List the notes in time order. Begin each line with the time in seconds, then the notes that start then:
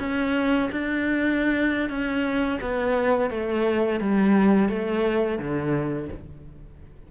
0.00 C#4
0.72 D4
1.90 C#4
2.62 B3
3.31 A3
4.01 G3
4.70 A3
5.39 D3